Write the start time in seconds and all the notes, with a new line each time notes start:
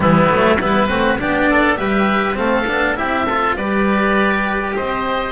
0.00 E3 G3 B3 E4
0.28 F#3 A3
0.60 G3 B3 E4 B4
0.88 A3 C4 F#4
1.18 B3 D4 G4 D5
1.50 A4
1.76 G3 G4 B4 E5
2.33 A3 C4 A4 F5
2.66 B3 D4
2.95 C4 E4 G4 E5
3.25 F4 A4
3.55 G3 G4 B4 D5
4.75 C4 C5 D#5